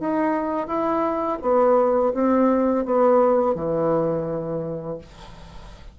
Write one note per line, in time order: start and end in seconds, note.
0.00 0.67 D#4
0.67 1.38 E4
1.42 2.13 B3
2.14 2.85 C4
2.85 3.55 B3
3.55 4.98 E3